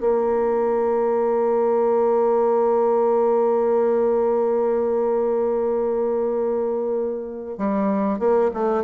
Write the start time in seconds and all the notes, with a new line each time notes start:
0.00 A#3
7.57 G3
8.19 A#3
8.53 A3